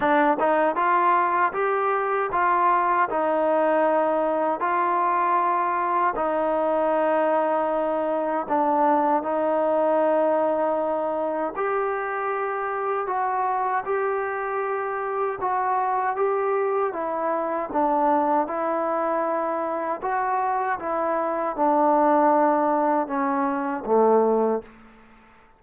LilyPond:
\new Staff \with { instrumentName = "trombone" } { \time 4/4 \tempo 4 = 78 d'8 dis'8 f'4 g'4 f'4 | dis'2 f'2 | dis'2. d'4 | dis'2. g'4~ |
g'4 fis'4 g'2 | fis'4 g'4 e'4 d'4 | e'2 fis'4 e'4 | d'2 cis'4 a4 | }